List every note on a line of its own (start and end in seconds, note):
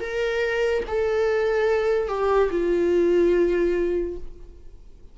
0.00 0.83 A#4
0.87 2.08 A4
2.08 2.50 G4
2.51 4.17 F4